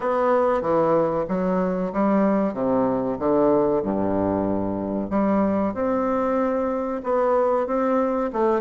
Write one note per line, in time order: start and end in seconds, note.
0.00 0.61 B3
0.61 1.25 E3
1.28 1.92 F#3
1.92 2.53 G3
2.53 3.17 C3
3.18 3.82 D3
3.82 5.10 G2
5.10 5.73 G3
5.73 7.01 C4
7.03 7.66 B3
7.66 8.30 C4
8.33 8.61 A3